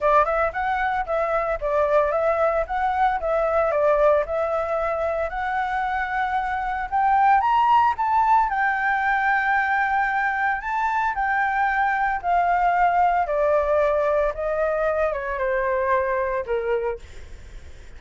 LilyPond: \new Staff \with { instrumentName = "flute" } { \time 4/4 \tempo 4 = 113 d''8 e''8 fis''4 e''4 d''4 | e''4 fis''4 e''4 d''4 | e''2 fis''2~ | fis''4 g''4 ais''4 a''4 |
g''1 | a''4 g''2 f''4~ | f''4 d''2 dis''4~ | dis''8 cis''8 c''2 ais'4 | }